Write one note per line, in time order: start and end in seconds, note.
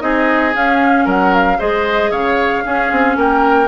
0.00 0.54 C4
0.00 0.53 D#4
0.00 1.05 G#4
0.00 0.54 D#5
0.53 1.58 C#4
0.53 1.06 C#4
0.53 1.08 F5
1.05 1.59 F#3
1.05 1.57 A#4
1.05 1.34 F#5
1.34 1.60 F5
1.58 2.11 G#3
1.58 2.63 G#4
1.58 2.11 C5
1.58 2.11 D#5
2.11 2.63 C#3
2.11 2.63 C#5
2.11 3.17 F5
2.63 3.67 C#4
2.63 2.91 C#4
2.63 3.17 G#4
2.91 3.16 C4
3.16 3.67 A#3
3.16 3.67 A#4
3.16 3.67 G5